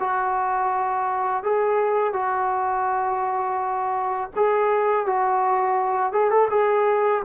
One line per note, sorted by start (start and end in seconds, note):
0.00 1.44 F#4
1.44 2.14 G#4
2.14 4.30 F#4
4.36 5.07 G#4
5.07 6.13 F#4
6.13 6.31 G#4
6.31 6.49 A4
6.51 7.23 G#4